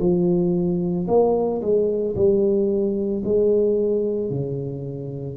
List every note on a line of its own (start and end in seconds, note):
0.00 1.07 F3
1.08 1.62 A#3
1.62 2.15 G#3
2.16 3.23 G3
3.25 4.30 G#3
4.30 5.37 C#3